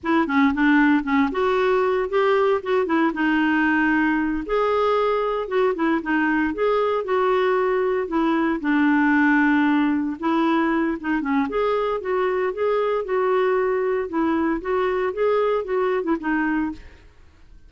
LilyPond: \new Staff \with { instrumentName = "clarinet" } { \time 4/4 \tempo 4 = 115 e'8 cis'8 d'4 cis'8 fis'4. | g'4 fis'8 e'8 dis'2~ | dis'8 gis'2 fis'8 e'8 dis'8~ | dis'8 gis'4 fis'2 e'8~ |
e'8 d'2. e'8~ | e'4 dis'8 cis'8 gis'4 fis'4 | gis'4 fis'2 e'4 | fis'4 gis'4 fis'8. e'16 dis'4 | }